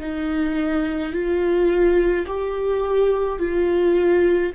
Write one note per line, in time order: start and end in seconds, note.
0.00 1.13 D#4
1.13 2.26 F4
2.27 3.39 G4
3.39 4.52 F4